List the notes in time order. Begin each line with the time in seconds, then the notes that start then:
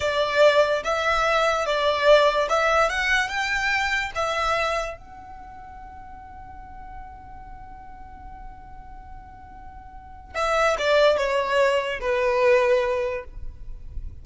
0.00 D5
0.83 E5
1.66 D5
2.49 E5
2.89 F#5
3.28 G5
4.15 E5
4.97 F#5
10.34 E5
10.78 D5
11.17 C#5
12.00 B4